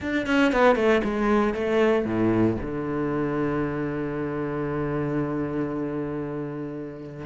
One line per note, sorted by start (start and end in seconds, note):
0.00 0.26 D4
0.26 0.52 C#4
0.52 0.75 B3
0.75 1.01 A3
1.04 1.54 G#3
1.54 2.05 A3
2.05 2.57 A2
2.61 7.26 D3